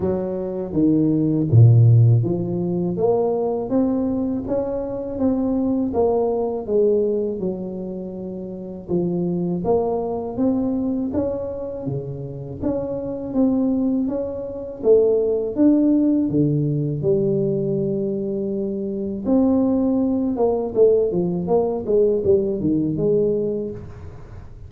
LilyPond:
\new Staff \with { instrumentName = "tuba" } { \time 4/4 \tempo 4 = 81 fis4 dis4 ais,4 f4 | ais4 c'4 cis'4 c'4 | ais4 gis4 fis2 | f4 ais4 c'4 cis'4 |
cis4 cis'4 c'4 cis'4 | a4 d'4 d4 g4~ | g2 c'4. ais8 | a8 f8 ais8 gis8 g8 dis8 gis4 | }